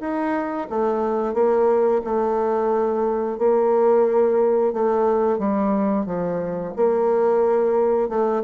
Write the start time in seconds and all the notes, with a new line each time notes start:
0.00 D#4
0.69 A3
1.34 A#3
2.04 A3
3.38 A#3
4.73 A3
5.38 G3
6.06 F3
6.76 A#3
8.09 A3